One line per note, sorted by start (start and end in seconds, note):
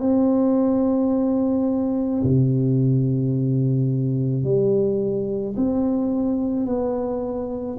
0.00 2.22 C4
2.23 4.44 C3
4.44 5.55 G3
5.56 6.66 C4
6.66 7.77 B3